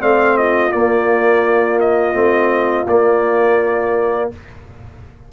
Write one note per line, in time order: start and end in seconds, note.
0.00 0.73 A3
0.00 0.71 C4
0.00 0.37 D5
0.00 0.37 F5
0.37 4.31 F4
0.37 0.72 D#5
0.72 2.14 A#3
0.72 1.79 D5
1.80 2.87 D#5
2.14 2.86 A3
2.14 2.85 C4
2.86 4.29 A#3
2.86 4.32 A#3
2.86 4.31 D5